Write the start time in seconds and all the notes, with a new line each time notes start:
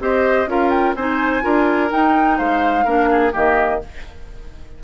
0.00 C4 G4 C5 D#5
0.46 C#4 F4 A#4 F5
0.70 G5
0.95 C4 D#4 C5 G#5
1.41 D4 F4 A#4
1.90 D#4 G5
2.38 G#3 C5 F5
2.85 A#3 D4 A#4
3.11 G#4
3.32 D#3 A#3 G4 D#5